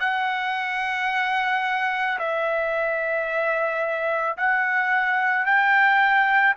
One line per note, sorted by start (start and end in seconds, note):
0.00 2.18 F#5
2.19 4.37 E5
4.37 5.45 F#5
5.45 6.55 G5